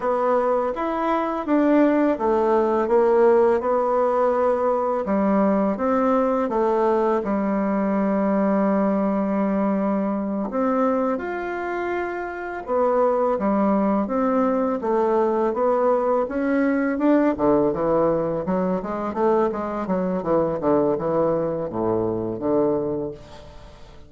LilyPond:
\new Staff \with { instrumentName = "bassoon" } { \time 4/4 \tempo 4 = 83 b4 e'4 d'4 a4 | ais4 b2 g4 | c'4 a4 g2~ | g2~ g8 c'4 f'8~ |
f'4. b4 g4 c'8~ | c'8 a4 b4 cis'4 d'8 | d8 e4 fis8 gis8 a8 gis8 fis8 | e8 d8 e4 a,4 d4 | }